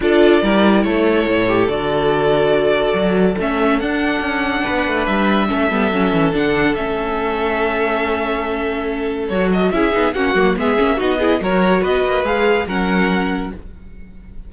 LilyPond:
<<
  \new Staff \with { instrumentName = "violin" } { \time 4/4 \tempo 4 = 142 d''2 cis''2 | d''1 | e''4 fis''2. | e''2. fis''4 |
e''1~ | e''2 cis''8 dis''8 e''4 | fis''4 e''4 dis''4 cis''4 | dis''4 f''4 fis''2 | }
  \new Staff \with { instrumentName = "violin" } { \time 4/4 a'4 ais'4 a'2~ | a'1~ | a'2. b'4~ | b'4 a'2.~ |
a'1~ | a'2. gis'4 | fis'4 gis'4 fis'8 gis'8 ais'4 | b'2 ais'2 | }
  \new Staff \with { instrumentName = "viola" } { \time 4/4 f'4 e'2~ e'8 g'8 | fis'1 | cis'4 d'2.~ | d'4 cis'8 b8 cis'4 d'4 |
cis'1~ | cis'2 fis'4 e'8 dis'8 | cis'8 ais8 b8 cis'8 dis'8 e'8 fis'4~ | fis'4 gis'4 cis'2 | }
  \new Staff \with { instrumentName = "cello" } { \time 4/4 d'4 g4 a4 a,4 | d2. fis4 | a4 d'4 cis'4 b8 a8 | g4 a8 g8 fis8 e8 d4 |
a1~ | a2 fis4 cis'8 b8 | ais8 fis8 gis8 ais8 b4 fis4 | b8 ais8 gis4 fis2 | }
>>